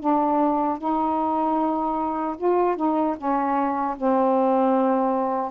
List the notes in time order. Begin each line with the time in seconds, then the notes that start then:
0.00 D4
0.79 D#4
2.38 F4
2.76 D#4
3.18 C#4
3.97 C4